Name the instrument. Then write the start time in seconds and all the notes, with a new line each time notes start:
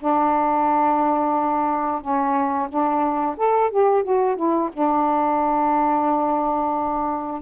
saxophone
0.00 D4
2.02 C#4
2.69 D4
3.37 A4
3.71 G4
4.04 F#4
4.36 E4
4.73 D4